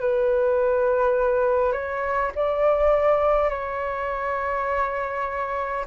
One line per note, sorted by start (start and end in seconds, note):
0.00 1.72 B4
1.72 2.31 C#5
2.35 3.50 D5
3.50 5.85 C#5